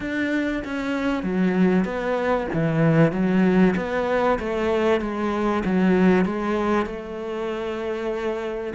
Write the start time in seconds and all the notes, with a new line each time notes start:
0.00 D4
0.64 C#4
1.23 F#3
1.84 B3
2.53 E3
3.12 F#3
3.76 B3
4.39 A3
5.00 G#3
5.65 F#3
6.25 G#3
6.86 A3